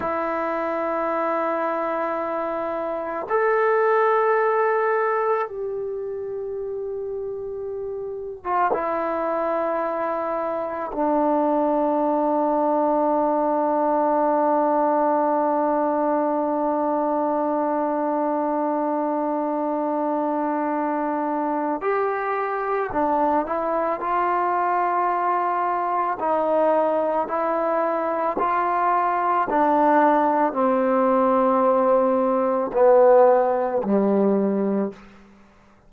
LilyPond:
\new Staff \with { instrumentName = "trombone" } { \time 4/4 \tempo 4 = 55 e'2. a'4~ | a'4 g'2~ g'8. f'16 | e'2 d'2~ | d'1~ |
d'1 | g'4 d'8 e'8 f'2 | dis'4 e'4 f'4 d'4 | c'2 b4 g4 | }